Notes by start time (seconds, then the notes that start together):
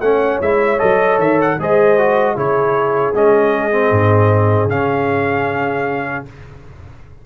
0.00 A3 C#4 C#5 F#5
0.41 G#3 E4 E5
0.78 F#3 A4 D#5
1.18 D#3 E5
1.41 F#5
1.58 G#3 G#4 C5 D#5
1.98 F#4
2.35 C#3 E4 G#4 C#5
3.14 G#3 C#4 D#5
3.71 C4
3.91 G#2
4.65 C#3 C#4 F5